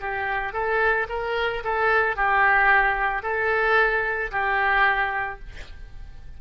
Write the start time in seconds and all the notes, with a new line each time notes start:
0.00 G4
0.53 A4
1.09 A#4
1.64 A4
2.16 G4
3.23 A4
4.31 G4